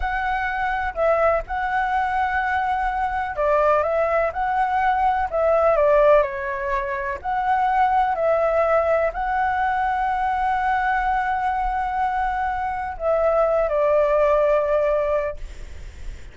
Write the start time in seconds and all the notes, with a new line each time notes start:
0.00 F#5
0.94 E5
1.47 F#5
3.36 D5
3.83 E5
4.32 F#5
5.30 E5
5.76 D5
6.22 C#5
7.21 F#5
8.15 E5
9.13 F#5
12.97 E5
13.68 D5